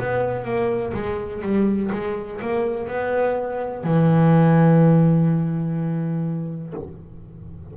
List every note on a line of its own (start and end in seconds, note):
0.00 0.45 B3
0.45 0.93 A#3
0.94 1.43 G#3
1.43 1.91 G3
1.92 2.41 G#3
2.41 2.88 A#3
2.88 3.84 B3
3.84 6.74 E3